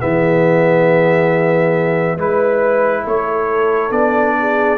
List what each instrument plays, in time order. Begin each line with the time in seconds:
0.00 tuba E3, trombone B3, horn G#4, trumpet E5
2.16 tuba G#3, trombone E4, horn B4, trumpet B4
3.06 tuba A3, horn A4, trumpet C#5
3.90 tuba B3, trombone D4, trumpet D5
4.39 horn G#4